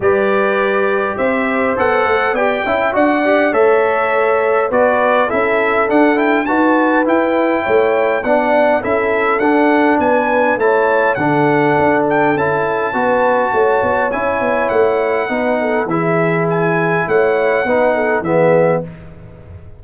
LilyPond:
<<
  \new Staff \with { instrumentName = "trumpet" } { \time 4/4 \tempo 4 = 102 d''2 e''4 fis''4 | g''4 fis''4 e''2 | d''4 e''4 fis''8 g''8 a''4 | g''2 fis''4 e''4 |
fis''4 gis''4 a''4 fis''4~ | fis''8 g''8 a''2. | gis''4 fis''2 e''4 | gis''4 fis''2 e''4 | }
  \new Staff \with { instrumentName = "horn" } { \time 4/4 b'2 c''2 | d''8 e''8 d''4 cis''2 | b'4 a'2 b'4~ | b'4 cis''4 d''4 a'4~ |
a'4 b'4 cis''4 a'4~ | a'2 b'4 cis''4~ | cis''2 b'8 a'8 gis'4~ | gis'4 cis''4 b'8 a'8 gis'4 | }
  \new Staff \with { instrumentName = "trombone" } { \time 4/4 g'2. a'4 | g'8 e'8 fis'8 g'8 a'2 | fis'4 e'4 d'8 e'8 fis'4 | e'2 d'4 e'4 |
d'2 e'4 d'4~ | d'4 e'4 fis'2 | e'2 dis'4 e'4~ | e'2 dis'4 b4 | }
  \new Staff \with { instrumentName = "tuba" } { \time 4/4 g2 c'4 b8 a8 | b8 cis'8 d'4 a2 | b4 cis'4 d'4 dis'4 | e'4 a4 b4 cis'4 |
d'4 b4 a4 d4 | d'4 cis'4 b4 a8 b8 | cis'8 b8 a4 b4 e4~ | e4 a4 b4 e4 | }
>>